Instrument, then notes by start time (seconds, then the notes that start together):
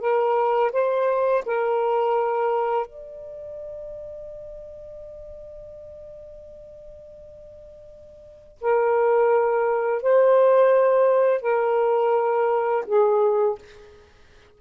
saxophone
0.00 A#4
0.72 C5
1.45 A#4
2.86 D5
8.61 A#4
10.02 C5
11.42 A#4
12.87 G#4